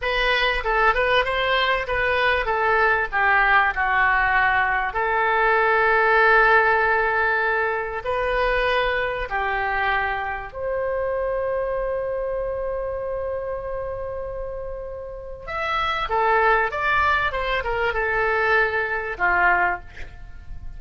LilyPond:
\new Staff \with { instrumentName = "oboe" } { \time 4/4 \tempo 4 = 97 b'4 a'8 b'8 c''4 b'4 | a'4 g'4 fis'2 | a'1~ | a'4 b'2 g'4~ |
g'4 c''2.~ | c''1~ | c''4 e''4 a'4 d''4 | c''8 ais'8 a'2 f'4 | }